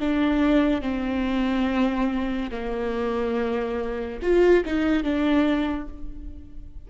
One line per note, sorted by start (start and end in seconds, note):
0.00 0.82 D4
0.82 2.51 C4
2.51 4.20 A#3
4.23 4.65 F4
4.66 5.04 D#4
5.04 5.88 D4